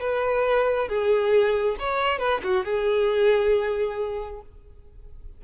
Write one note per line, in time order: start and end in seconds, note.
0.00 0.88 B4
0.88 1.76 G#4
1.79 2.19 C#5
2.19 2.41 B4
2.43 2.65 F#4
2.65 4.41 G#4